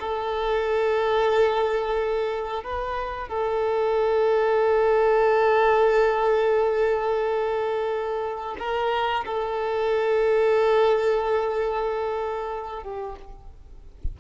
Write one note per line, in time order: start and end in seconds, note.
0.00 2.64 A4
2.64 3.28 B4
3.28 8.56 A4
8.59 9.25 A#4
9.25 12.84 A4
12.84 13.17 G4